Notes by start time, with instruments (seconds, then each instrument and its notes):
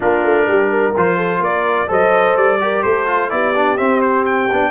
0.00 tuba A#3, trombone D4, horn F4, trumpet A#4
0.24 tuba A3
0.46 tuba G3, horn G4
0.69 horn A#4
0.96 tuba F3, trombone F4, trumpet C5
1.17 horn A4
1.40 tuba A#3, horn A#4, trumpet D5
1.87 tuba F#3, trombone A4, horn C5, trumpet D#5
2.35 tuba G3, trumpet D5
2.60 trombone G4, horn A#4
2.82 tuba A3, horn A4, trumpet C5
3.06 trombone F4
3.29 tuba B3, trombone E4, horn G4, trumpet D5
3.55 trombone D4
3.77 trombone C4, tuba C4, trumpet E5
4.01 trumpet C5
4.25 trumpet G5
4.51 tuba B3, trombone D4